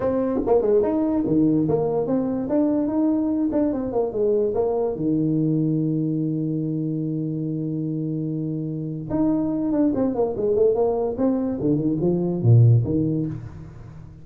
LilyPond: \new Staff \with { instrumentName = "tuba" } { \time 4/4 \tempo 4 = 145 c'4 ais8 gis8 dis'4 dis4 | ais4 c'4 d'4 dis'4~ | dis'8 d'8 c'8 ais8 gis4 ais4 | dis1~ |
dis1~ | dis2 dis'4. d'8 | c'8 ais8 gis8 a8 ais4 c'4 | d8 dis8 f4 ais,4 dis4 | }